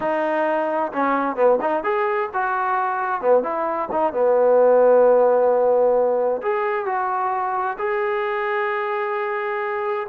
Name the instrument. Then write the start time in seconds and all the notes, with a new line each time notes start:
trombone
0.00 D#4
0.92 C#4
1.36 B3
1.61 D#4
1.83 G#4
2.33 F#4
3.21 B3
3.43 E4
3.91 D#4
4.12 B3
6.41 G#4
6.85 F#4
7.78 G#4